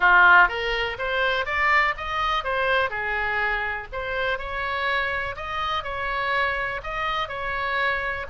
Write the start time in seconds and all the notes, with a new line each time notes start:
0.00 F4
0.48 A#4
0.98 C5
1.45 D5
1.97 D#5
2.44 C5
2.90 G#4
3.92 C5
4.38 C#5
5.36 D#5
5.83 C#5
6.83 D#5
7.28 C#5